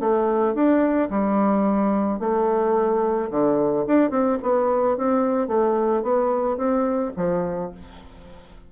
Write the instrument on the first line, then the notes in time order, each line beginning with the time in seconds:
bassoon
0.00 A3
0.54 D4
1.10 G3
2.20 A3
3.31 D3
3.87 D4
4.10 C4
4.43 B3
4.97 C4
5.48 A3
6.03 B3
6.57 C4
7.16 F3